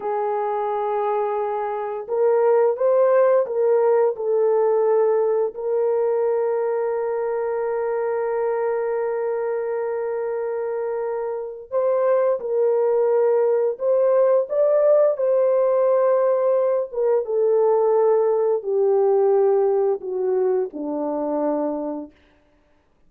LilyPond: \new Staff \with { instrumentName = "horn" } { \time 4/4 \tempo 4 = 87 gis'2. ais'4 | c''4 ais'4 a'2 | ais'1~ | ais'1~ |
ais'4 c''4 ais'2 | c''4 d''4 c''2~ | c''8 ais'8 a'2 g'4~ | g'4 fis'4 d'2 | }